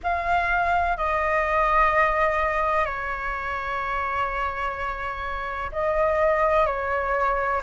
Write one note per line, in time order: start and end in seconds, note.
0.03 0.97 F5
0.97 2.85 D#5
2.85 5.71 C#5
5.71 6.66 D#5
6.66 7.61 C#5